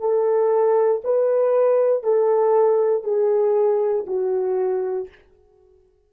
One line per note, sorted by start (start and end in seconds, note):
0.00 1.02 A4
1.04 2.03 B4
2.03 3.03 A4
3.03 4.05 G#4
4.07 5.08 F#4